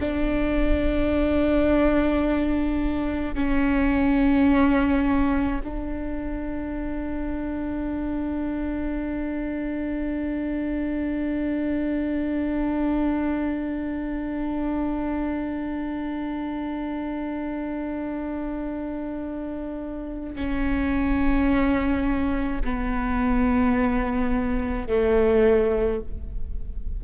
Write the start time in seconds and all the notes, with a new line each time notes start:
0.00 D4
3.35 C#4
5.64 D4
20.36 C#4
22.64 B3
24.87 A3